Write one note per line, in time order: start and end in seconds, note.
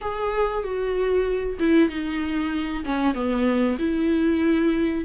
0.01 0.63 G#4
0.63 1.58 F#4
1.59 1.89 E4
1.89 2.84 D#4
2.84 3.14 C#4
3.14 3.77 B3
3.79 5.04 E4